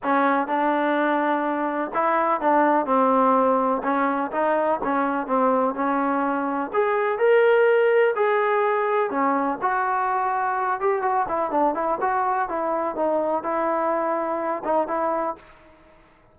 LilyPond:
\new Staff \with { instrumentName = "trombone" } { \time 4/4 \tempo 4 = 125 cis'4 d'2. | e'4 d'4 c'2 | cis'4 dis'4 cis'4 c'4 | cis'2 gis'4 ais'4~ |
ais'4 gis'2 cis'4 | fis'2~ fis'8 g'8 fis'8 e'8 | d'8 e'8 fis'4 e'4 dis'4 | e'2~ e'8 dis'8 e'4 | }